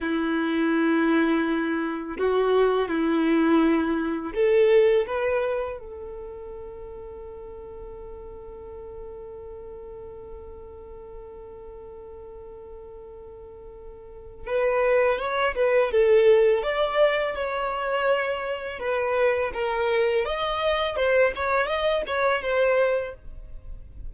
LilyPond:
\new Staff \with { instrumentName = "violin" } { \time 4/4 \tempo 4 = 83 e'2. fis'4 | e'2 a'4 b'4 | a'1~ | a'1~ |
a'1 | b'4 cis''8 b'8 a'4 d''4 | cis''2 b'4 ais'4 | dis''4 c''8 cis''8 dis''8 cis''8 c''4 | }